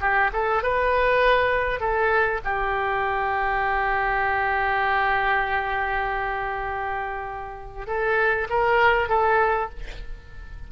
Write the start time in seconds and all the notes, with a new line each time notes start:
0.00 G4
0.32 A4
0.62 B4
1.80 A4
2.44 G4
7.87 A4
8.49 A#4
9.09 A4